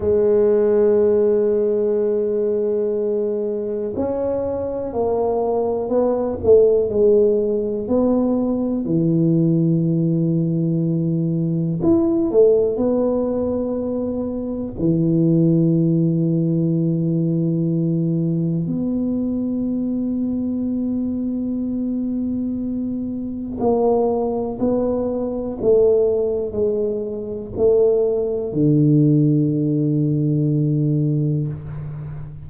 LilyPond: \new Staff \with { instrumentName = "tuba" } { \time 4/4 \tempo 4 = 61 gis1 | cis'4 ais4 b8 a8 gis4 | b4 e2. | e'8 a8 b2 e4~ |
e2. b4~ | b1 | ais4 b4 a4 gis4 | a4 d2. | }